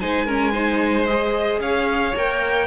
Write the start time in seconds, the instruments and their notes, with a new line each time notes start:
0.00 cello G#3, viola D#4, violin C5 G#5
0.26 viola C#4, violin A#4
0.52 viola D#4, violin C5
1.05 viola G#4, violin D#5
1.59 cello C#4, violin C#5 F5
2.16 cello A#3, viola A#4, violin G5